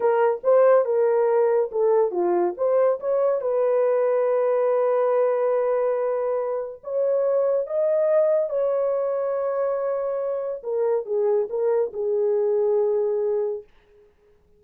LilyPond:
\new Staff \with { instrumentName = "horn" } { \time 4/4 \tempo 4 = 141 ais'4 c''4 ais'2 | a'4 f'4 c''4 cis''4 | b'1~ | b'1 |
cis''2 dis''2 | cis''1~ | cis''4 ais'4 gis'4 ais'4 | gis'1 | }